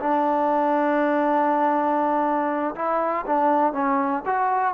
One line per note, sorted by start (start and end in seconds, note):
0.00 2.75 D4
2.75 3.25 E4
3.26 3.73 D4
3.73 4.23 C#4
4.26 4.75 F#4